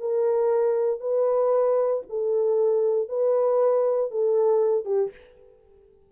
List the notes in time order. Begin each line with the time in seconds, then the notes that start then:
0.00 A#4
1.00 B4
2.09 A4
3.09 B4
4.11 A4
4.85 G4